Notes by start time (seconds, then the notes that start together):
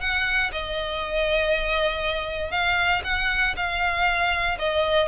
0.00 F#5
0.52 D#5
2.51 F5
3.04 F#5
3.56 F5
4.58 D#5